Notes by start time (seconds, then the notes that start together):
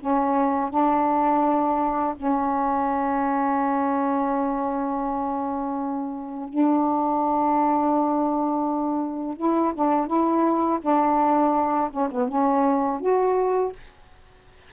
0.00 C#4
0.70 D4
2.17 C#4
6.49 D4
9.37 E4
9.75 D4
10.07 E4
10.82 D4
11.91 C#4
12.11 B3
12.29 C#4
13.01 F#4